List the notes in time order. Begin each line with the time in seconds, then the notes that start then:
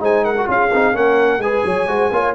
0.00 G#3 D#4 C5 G#5
0.24 A#4 F#5
0.38 F#4
0.46 C#4 F4 G#4 F5
0.73 C4 D#4
0.94 A#3 C#4 A#4 F#5
1.38 G#3 G#4 B4 G#5
1.65 F#3 C#5
1.87 G#3 F#4 C5
2.11 A#3 F4 C#5